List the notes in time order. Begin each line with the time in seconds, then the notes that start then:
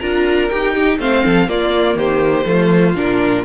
0.00 D4 F4 A#4 A#5
0.49 D#4 G4 G5
0.74 D#4 G4
0.99 A3 C4 C5 F5
1.24 F3 A4
1.47 A#3 F4 D5
1.95 D#3 G4 C5
2.46 F3 A3 F4
2.95 A#2 D4 A#4